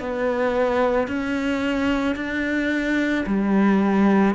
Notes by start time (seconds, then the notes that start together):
0.00 B3
1.08 C#4
2.16 D4
3.26 G3